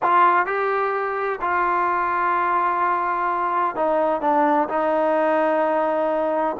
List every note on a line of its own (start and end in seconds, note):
0.02 0.46 F4
0.46 1.39 G4
1.41 3.75 F4
3.75 4.21 D#4
4.21 4.68 D4
4.69 6.56 D#4